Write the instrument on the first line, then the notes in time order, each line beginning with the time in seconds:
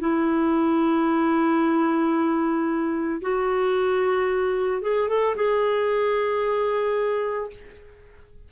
clarinet
0.00 E4
3.21 F#4
4.82 G#4
5.09 A4
5.36 G#4